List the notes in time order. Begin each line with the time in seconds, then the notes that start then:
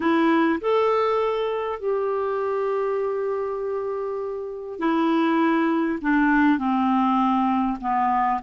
0.00 E4
0.60 A4
1.79 G4
4.79 E4
6.01 D4
6.58 C4
7.80 B3